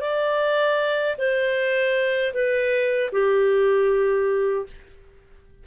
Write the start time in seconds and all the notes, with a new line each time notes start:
0.00 D5
1.17 C5
2.33 B4
3.12 G4